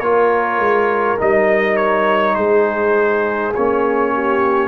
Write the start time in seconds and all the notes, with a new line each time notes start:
0.00 A#3 F4 A#4 C#5
0.59 G#3
1.18 G3 D#4 D#5
1.77 C#5
2.35 G#3 G#4 C5
3.54 A#3 C#4 C#5
4.14 G4